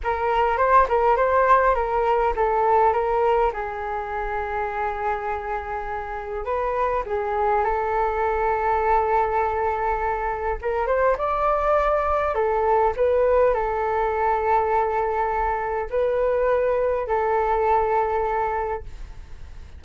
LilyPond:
\new Staff \with { instrumentName = "flute" } { \time 4/4 \tempo 4 = 102 ais'4 c''8 ais'8 c''4 ais'4 | a'4 ais'4 gis'2~ | gis'2. b'4 | gis'4 a'2.~ |
a'2 ais'8 c''8 d''4~ | d''4 a'4 b'4 a'4~ | a'2. b'4~ | b'4 a'2. | }